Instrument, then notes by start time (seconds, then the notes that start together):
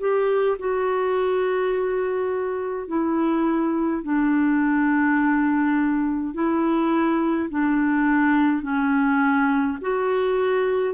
clarinet
0.00 G4
0.59 F#4
2.88 E4
4.04 D4
6.34 E4
7.50 D4
8.63 C#4
9.82 F#4